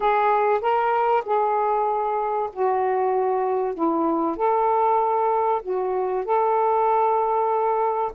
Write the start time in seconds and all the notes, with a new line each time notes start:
0.00 G#4
0.61 A#4
1.25 G#4
2.52 F#4
3.74 E4
4.36 A4
5.62 F#4
6.24 A4